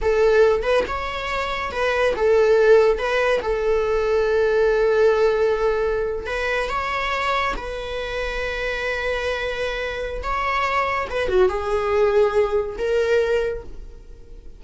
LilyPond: \new Staff \with { instrumentName = "viola" } { \time 4/4 \tempo 4 = 141 a'4. b'8 cis''2 | b'4 a'2 b'4 | a'1~ | a'2~ a'8. b'4 cis''16~ |
cis''4.~ cis''16 b'2~ b'16~ | b'1 | cis''2 b'8 fis'8 gis'4~ | gis'2 ais'2 | }